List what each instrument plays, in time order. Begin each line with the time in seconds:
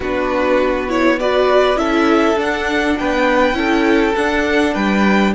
0.00 cello B3, viola D4, violin F#4 B4
0.88 viola E4, violin C#5
1.19 viola F#4, violin B4 D5
1.75 cello C#4, viola E4, violin A4 E5
2.35 cello D4, viola D4, violin F#5
2.98 cello B3, violin B4 G5
3.53 cello C#4, viola E4, violin A4
4.15 cello D4, viola D4, violin F#5
4.74 cello G3, violin B4 G5